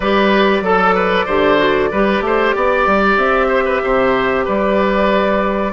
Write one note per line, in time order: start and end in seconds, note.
0.00 0.61 G3
0.00 0.64 G4
0.00 0.63 B4
0.00 3.17 D5
0.61 1.25 F#3
0.61 0.95 A4
0.61 1.28 A4
0.95 1.25 B4
1.25 1.91 D3
1.25 1.57 G4
1.25 1.89 C5
1.57 1.89 F#4
1.91 2.20 G3
1.91 5.72 G4
1.91 2.23 B4
2.20 2.52 A3
2.20 2.55 C5
2.55 2.86 B3
2.55 3.47 D5
2.86 3.17 G3
3.17 3.81 C4
3.17 4.45 E5
3.47 3.63 C5
3.65 3.81 B4
3.82 4.46 C3
3.82 4.44 C5
4.44 5.72 G3
4.44 5.72 B4
4.44 5.72 D5